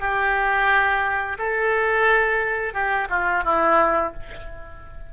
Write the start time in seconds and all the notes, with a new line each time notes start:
0.00 G4
1.39 A4
2.74 G4
3.10 F4
3.45 E4